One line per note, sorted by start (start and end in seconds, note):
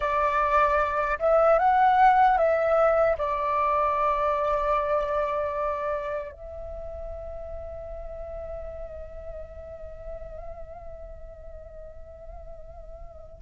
0.00 1.18 D5
1.19 1.58 E5
1.59 2.37 F#5
2.37 3.16 E5
3.18 6.32 D5
6.32 13.41 E5